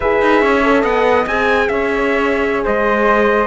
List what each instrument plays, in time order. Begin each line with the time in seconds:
0.00 cello E4, horn G#4, flute B4, trumpet E5
0.21 cello D#4
0.41 cello C#4, flute C#5
0.63 horn A4
0.81 cello B3, flute D#5, trumpet F#5
1.26 cello C4, horn G#4, trumpet G#5
1.68 cello C#4, flute C#5, trumpet E5
2.64 cello G#3, flute C5, trumpet D#5